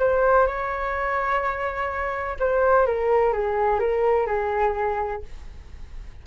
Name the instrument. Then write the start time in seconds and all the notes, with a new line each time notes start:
flute
0.00 C5
0.47 C#5
2.40 C5
2.86 A#4
3.33 G#4
3.80 A#4
4.27 G#4